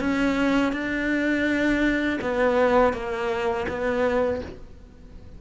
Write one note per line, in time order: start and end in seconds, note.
0.00 0.73 C#4
0.73 2.19 D4
2.21 2.93 B3
2.93 3.67 A#3
3.69 4.42 B3